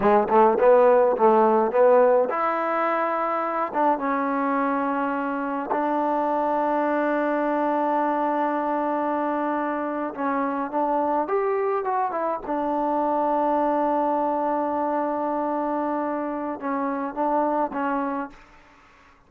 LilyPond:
\new Staff \with { instrumentName = "trombone" } { \time 4/4 \tempo 4 = 105 gis8 a8 b4 a4 b4 | e'2~ e'8 d'8 cis'4~ | cis'2 d'2~ | d'1~ |
d'4.~ d'16 cis'4 d'4 g'16~ | g'8. fis'8 e'8 d'2~ d'16~ | d'1~ | d'4 cis'4 d'4 cis'4 | }